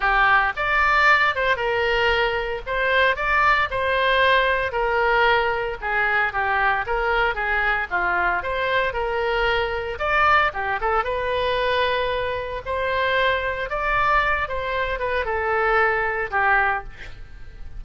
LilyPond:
\new Staff \with { instrumentName = "oboe" } { \time 4/4 \tempo 4 = 114 g'4 d''4. c''8 ais'4~ | ais'4 c''4 d''4 c''4~ | c''4 ais'2 gis'4 | g'4 ais'4 gis'4 f'4 |
c''4 ais'2 d''4 | g'8 a'8 b'2. | c''2 d''4. c''8~ | c''8 b'8 a'2 g'4 | }